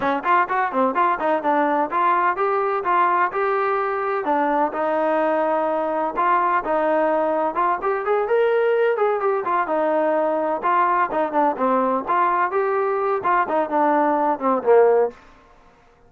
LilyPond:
\new Staff \with { instrumentName = "trombone" } { \time 4/4 \tempo 4 = 127 cis'8 f'8 fis'8 c'8 f'8 dis'8 d'4 | f'4 g'4 f'4 g'4~ | g'4 d'4 dis'2~ | dis'4 f'4 dis'2 |
f'8 g'8 gis'8 ais'4. gis'8 g'8 | f'8 dis'2 f'4 dis'8 | d'8 c'4 f'4 g'4. | f'8 dis'8 d'4. c'8 ais4 | }